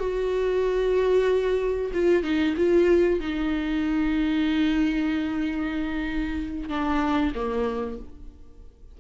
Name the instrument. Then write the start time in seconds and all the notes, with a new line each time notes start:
viola
0.00 F#4
1.94 F4
2.23 D#4
2.57 F4
3.21 D#4
6.69 D4
7.35 A#3